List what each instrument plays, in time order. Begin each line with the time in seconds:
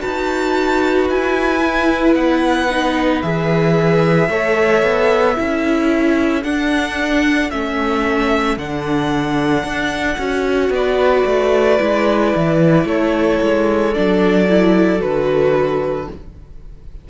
0.00 cello D#4, viola F#4, violin B4 A5
1.09 cello E4, violin G#5
1.61 viola E4
2.15 cello B3, violin F#5
2.70 viola D#4
3.22 cello E3, viola G#4, violin E5
4.29 cello A3, viola A4, violin C#5
4.83 cello B3
5.35 cello C#4, viola E4, violin A4
6.44 viola D4, cello D4, violin F#5
7.51 cello A3, viola C#4, violin E5
8.57 cello D3, viola D4, violin F#5
9.64 cello D4
10.19 cello C#4, viola F#4
10.70 cello B3, violin B4 D5
11.26 cello A3
11.79 cello G#3, viola E4
12.36 cello E3
12.85 cello A3, violin A4 C#5
13.42 cello G#3
13.94 cello F#3, viola D4, violin D5
14.48 viola E4
15.00 cello D3, viola F#4, violin B4